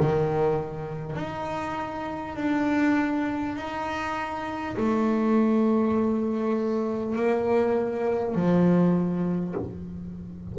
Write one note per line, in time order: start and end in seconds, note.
0.00 1.16 D#3
1.16 2.36 D#4
2.36 3.56 D4
3.57 4.77 D#4
4.77 7.16 A3
7.16 8.35 A#3
8.35 9.55 F3